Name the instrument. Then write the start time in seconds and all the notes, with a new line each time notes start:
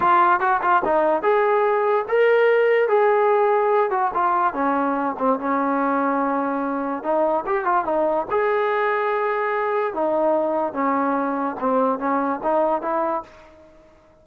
trombone
0.00 F4
0.40 F#4
0.62 F4
0.84 D#4
1.22 G#4
2.08 A#4
2.88 G#4
3.90 F#4
4.14 F4
4.53 C#4
5.18 C4
5.39 C#4
7.03 D#4
7.46 G4
7.64 F4
7.85 D#4
8.30 G#4
9.93 D#4
10.73 C#4
11.60 C4
11.98 C#4
12.43 D#4
12.81 E4